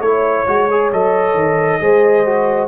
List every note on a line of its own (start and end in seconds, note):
0.00 0.45 A3
0.00 0.47 E4
0.00 0.91 C#5
0.00 1.82 C#5
0.47 0.93 G#3
0.47 0.69 F#4
0.70 0.93 G#4
0.93 1.34 F#3
0.93 1.81 A4
0.93 2.68 D#5
1.34 1.79 D#3
1.81 2.68 G#3
1.81 2.26 G#4
1.81 2.68 C5
2.26 2.68 F#4